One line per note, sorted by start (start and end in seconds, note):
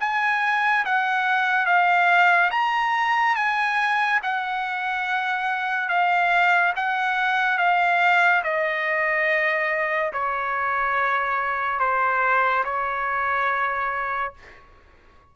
0.00 0.85 G#5
0.85 1.66 F#5
1.66 2.50 F5
2.51 3.35 A#5
3.35 4.20 G#5
4.23 5.88 F#5
5.88 6.73 F5
6.76 7.58 F#5
7.58 8.42 F5
8.43 10.12 D#5
10.13 11.79 C#5
11.79 12.64 C5
12.64 14.33 C#5